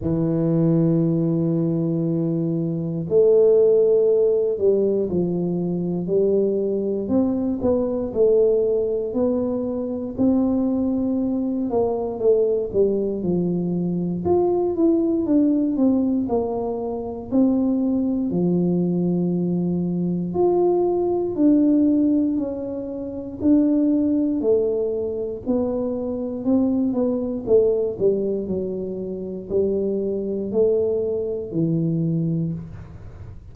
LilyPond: \new Staff \with { instrumentName = "tuba" } { \time 4/4 \tempo 4 = 59 e2. a4~ | a8 g8 f4 g4 c'8 b8 | a4 b4 c'4. ais8 | a8 g8 f4 f'8 e'8 d'8 c'8 |
ais4 c'4 f2 | f'4 d'4 cis'4 d'4 | a4 b4 c'8 b8 a8 g8 | fis4 g4 a4 e4 | }